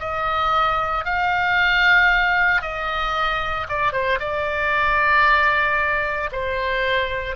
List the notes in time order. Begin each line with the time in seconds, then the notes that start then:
0.00 D#5
1.05 F5
2.62 D#5
3.69 D5
3.93 C5
4.20 D5
6.33 C5